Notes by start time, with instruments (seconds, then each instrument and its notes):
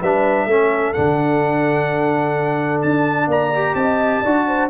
0.00 tuba G3, trombone D4, horn B4, trumpet E5
0.46 tuba A3, trombone C#4, horn A4
0.93 tuba D3, trombone D4, trumpet F#5
2.82 tuba D4, trumpet A5
3.27 tuba A#3, horn D5, trumpet A#5
3.54 trombone G4
3.75 tuba C4, horn D#5, trumpet A5
4.21 tuba D4, trombone F#4, horn D5
4.47 horn C5